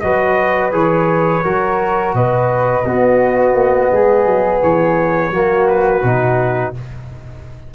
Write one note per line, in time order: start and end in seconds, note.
0.00 0.72 F#3
0.00 0.71 F#4
0.00 1.44 B4
0.00 0.71 D#5
0.71 1.43 E3
0.71 1.42 G#4
0.71 2.15 C#5
1.43 2.13 F#3
1.43 2.84 F#4
1.43 2.14 A#4
2.13 2.84 B2
2.13 2.85 B4
2.13 4.62 D#5
2.85 3.54 B3
2.85 5.32 B3
2.85 3.91 F#4
3.54 3.89 A#3
3.91 4.25 G#3
3.91 5.31 G#4
4.25 4.60 F#3
4.62 5.30 E3
4.62 5.68 C#5
5.30 6.01 F#3
5.30 6.03 A#3
5.30 6.72 F#4
5.68 6.74 B4
6.03 6.73 B2
6.03 6.74 D#4